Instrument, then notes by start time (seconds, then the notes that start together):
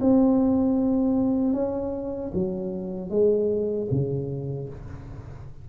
tuba
0.00 C4
1.53 C#4
2.33 F#3
3.10 G#3
3.91 C#3